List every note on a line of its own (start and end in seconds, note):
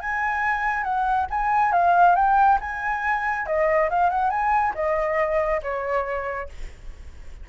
0.00 0.83 G#5
0.83 1.26 F#5
1.30 1.72 G#5
1.72 2.15 F5
2.16 2.59 G5
2.60 3.46 G#5
3.46 3.89 D#5
3.90 4.10 F5
4.10 4.30 F#5
4.30 4.73 G#5
4.75 5.61 D#5
5.63 6.49 C#5